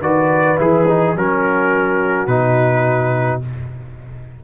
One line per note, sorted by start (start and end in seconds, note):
0.00 0.57 D#3
0.00 0.57 F#4
0.00 1.13 B4
0.00 0.59 D5
0.57 1.15 E3
0.57 0.85 E4
0.57 1.17 G#4
0.88 1.16 D#4
1.15 2.27 F#3
1.15 2.28 C#4
1.15 3.44 F#4
1.15 2.27 A#4
2.27 3.40 B2
2.27 3.42 D#4
2.27 3.40 B4